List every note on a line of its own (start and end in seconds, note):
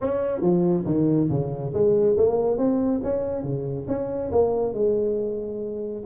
0.01 0.41 C#4
0.41 0.84 F3
0.85 1.29 D#3
1.29 1.73 C#3
1.73 2.16 G#3
2.17 2.57 A#3
2.57 3.01 C4
3.03 3.43 C#4
3.43 3.86 C#3
3.87 4.30 C#4
4.31 4.73 A#3
4.73 6.03 G#3